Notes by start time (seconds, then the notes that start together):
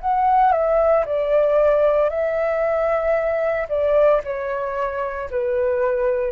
0.00 F#5
0.51 E5
1.05 D5
2.09 E5
3.68 D5
4.24 C#5
5.30 B4